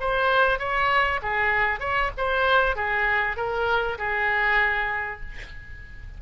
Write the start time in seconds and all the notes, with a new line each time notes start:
0.00 C5
0.59 C#5
1.22 G#4
1.80 C#5
2.17 C5
2.76 G#4
3.36 A#4
3.98 G#4